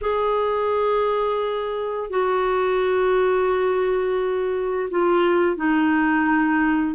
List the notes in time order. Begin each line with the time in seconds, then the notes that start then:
0.01 G#4
2.10 F#4
4.90 F4
5.56 D#4